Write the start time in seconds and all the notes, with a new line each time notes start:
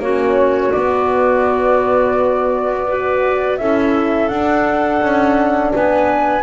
0.00 A#3 C#4 F#4 C#5
0.72 B3 D5
2.87 F#4 B4
3.57 C#4 E4 A4 E5
4.29 D4 F#5
5.02 C#4
5.74 B3 B4 G#5